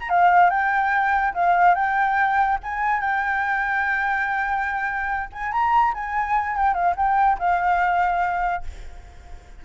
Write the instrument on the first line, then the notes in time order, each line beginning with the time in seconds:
flute
0.00 A#5
0.09 F5
0.50 G5
1.34 F5
1.75 G5
2.63 G#5
3.00 G5
5.32 G#5
5.52 A#5
5.94 G#5
6.56 G5
6.74 F5
6.96 G5
7.38 F5